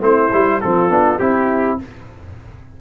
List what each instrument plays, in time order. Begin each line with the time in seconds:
0.00 tuba A3, trombone C4, horn E4, trumpet C5
0.32 tuba G3, trombone E4
0.61 tuba F3, trombone C4, horn F4, trumpet A4
0.89 tuba B3, trombone D4
1.19 tuba C4, trombone E4, horn E4, trumpet G4